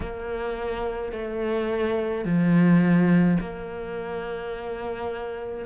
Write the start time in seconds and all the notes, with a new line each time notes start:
0.00 A#3
1.12 A3
2.24 F3
3.40 A#3